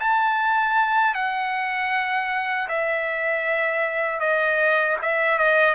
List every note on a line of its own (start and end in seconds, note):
0.00 1.14 A5
1.14 2.68 F#5
2.68 4.20 E5
4.20 4.97 D#5
5.02 5.38 E5
5.38 5.74 D#5